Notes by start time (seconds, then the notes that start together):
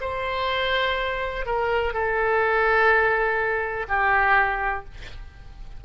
0.00 C5
1.45 A#4
1.93 A4
3.88 G4